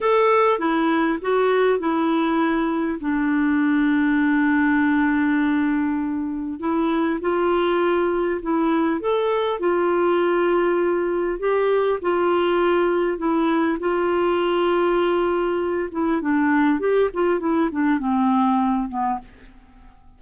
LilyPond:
\new Staff \with { instrumentName = "clarinet" } { \time 4/4 \tempo 4 = 100 a'4 e'4 fis'4 e'4~ | e'4 d'2.~ | d'2. e'4 | f'2 e'4 a'4 |
f'2. g'4 | f'2 e'4 f'4~ | f'2~ f'8 e'8 d'4 | g'8 f'8 e'8 d'8 c'4. b8 | }